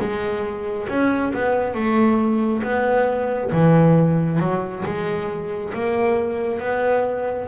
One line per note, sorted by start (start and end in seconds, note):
0.00 0.88 G#3
0.89 1.33 C#4
1.34 1.74 B3
1.74 2.63 A3
2.63 3.51 B3
3.52 4.40 E3
4.40 4.84 F#3
4.85 5.74 G#3
5.74 6.60 A#3
6.60 7.48 B3